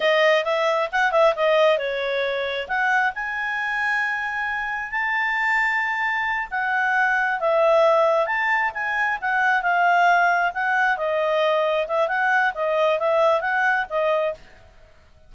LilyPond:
\new Staff \with { instrumentName = "clarinet" } { \time 4/4 \tempo 4 = 134 dis''4 e''4 fis''8 e''8 dis''4 | cis''2 fis''4 gis''4~ | gis''2. a''4~ | a''2~ a''8 fis''4.~ |
fis''8 e''2 a''4 gis''8~ | gis''8 fis''4 f''2 fis''8~ | fis''8 dis''2 e''8 fis''4 | dis''4 e''4 fis''4 dis''4 | }